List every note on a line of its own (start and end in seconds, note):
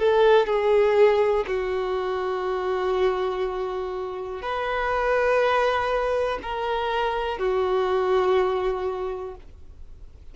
0.00 0.47 A4
0.47 1.45 G#4
1.48 4.43 F#4
4.43 6.39 B4
6.43 7.39 A#4
7.39 9.36 F#4